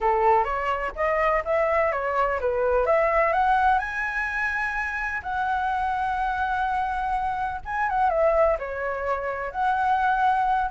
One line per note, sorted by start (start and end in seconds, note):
0.00 0.44 A4
0.44 0.92 C#5
0.95 1.43 D#5
1.44 1.92 E5
1.92 2.39 C#5
2.40 2.86 B4
2.86 3.32 E5
3.32 3.78 F#5
3.78 5.21 G#5
5.22 7.60 F#5
7.65 7.89 G#5
7.89 8.09 F#5
8.09 8.57 E5
8.58 9.51 C#5
9.51 10.70 F#5